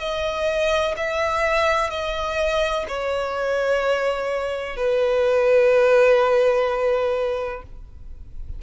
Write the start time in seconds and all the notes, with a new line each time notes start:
0.00 D#5
0.97 E5
1.90 D#5
2.88 C#5
4.77 B4